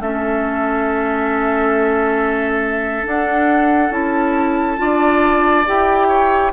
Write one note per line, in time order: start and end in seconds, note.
0.00 3.04 A3
0.00 3.04 C#4
0.00 4.81 A4
0.00 3.06 E5
3.04 3.91 D4
3.04 3.90 D4
3.04 3.92 F#5
3.90 4.77 C#4
3.90 4.77 E4
3.90 5.66 A5
4.77 5.67 D4
4.77 5.64 F4
4.77 6.08 D5
5.66 6.53 E4
5.66 6.53 G4
5.66 6.53 G5
6.08 6.51 C#5